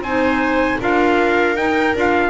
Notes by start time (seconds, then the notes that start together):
0.00 C4 D#4 C5 G#5
0.80 D4 F4 A#4 F5
1.56 D#4 G5
1.95 D4 F4 F5